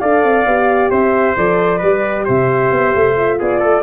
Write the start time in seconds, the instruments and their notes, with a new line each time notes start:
0.00 tuba D4, horn A4, trumpet D5, flute F5
0.24 tuba C4
0.45 tuba B3, horn G4
0.91 tuba C4, trumpet C5, flute E5
1.37 tuba F3, horn A4, flute D5
1.79 tuba G3, horn G4, trumpet B4
2.25 tuba C3, trumpet C5, flute E5
2.72 tuba B3
2.95 tuba A3
3.16 horn F4
3.39 tuba B3, trumpet G#4, flute D5
3.60 tuba A3, trumpet A4